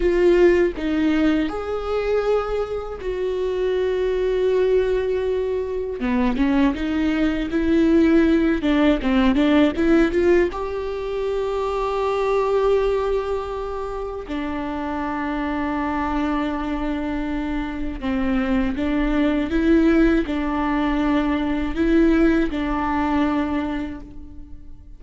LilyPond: \new Staff \with { instrumentName = "viola" } { \time 4/4 \tempo 4 = 80 f'4 dis'4 gis'2 | fis'1 | b8 cis'8 dis'4 e'4. d'8 | c'8 d'8 e'8 f'8 g'2~ |
g'2. d'4~ | d'1 | c'4 d'4 e'4 d'4~ | d'4 e'4 d'2 | }